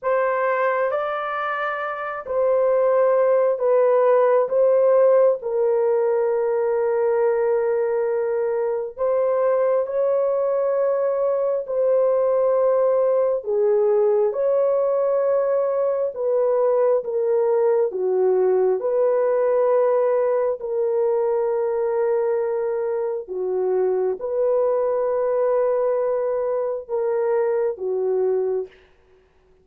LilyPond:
\new Staff \with { instrumentName = "horn" } { \time 4/4 \tempo 4 = 67 c''4 d''4. c''4. | b'4 c''4 ais'2~ | ais'2 c''4 cis''4~ | cis''4 c''2 gis'4 |
cis''2 b'4 ais'4 | fis'4 b'2 ais'4~ | ais'2 fis'4 b'4~ | b'2 ais'4 fis'4 | }